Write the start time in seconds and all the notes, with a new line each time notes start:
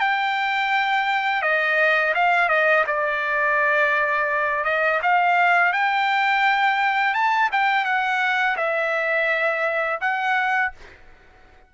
0.00 G5
1.42 D#5
2.14 F5
2.49 D#5
2.87 D5
4.65 D#5
5.02 F5
5.73 G5
7.14 A5
7.52 G5
7.85 F#5
8.57 E5
10.01 F#5